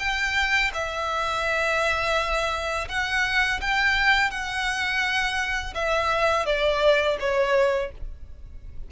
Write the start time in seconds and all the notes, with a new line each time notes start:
0.00 G5
0.74 E5
2.89 F#5
3.62 G5
4.31 F#5
5.75 E5
6.46 D5
7.20 C#5